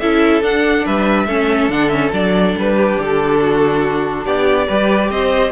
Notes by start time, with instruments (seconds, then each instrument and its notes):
0.00 cello C#4, viola E4, violin A4 E5
0.42 cello D4, viola D4, violin F#5
0.86 cello G3, violin B4 E5
1.27 cello A3, viola C#4, violin A4
1.69 cello D3, viola D4, violin F#5
1.89 viola C#4, violin E5
2.13 cello F#3, viola D4, violin D5
2.57 cello G3, violin B4
2.77 violin G4
3.00 cello D3, violin A4
3.41 violin F#4
4.25 cello B3, violin G4 D5
4.67 cello G3, viola G4, violin B4
5.10 cello C4, violin C5 D#5